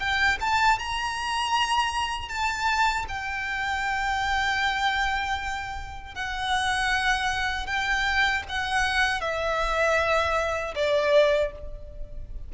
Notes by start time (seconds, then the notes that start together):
0.00 G5
0.41 A5
0.79 A#5
2.29 A5
3.08 G5
6.15 F#5
7.67 G5
8.49 F#5
9.21 E5
10.76 D5